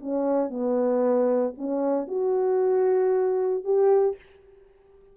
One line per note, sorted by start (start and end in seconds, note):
0.00 0.50 C#4
0.50 1.54 B3
1.57 2.08 C#4
2.08 3.64 F#4
3.64 4.16 G4